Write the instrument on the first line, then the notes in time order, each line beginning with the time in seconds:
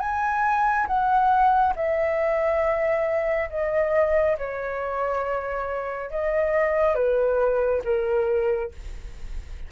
flute
0.00 G#5
0.87 F#5
1.76 E5
3.50 D#5
4.38 C#5
6.11 D#5
6.95 B4
7.85 A#4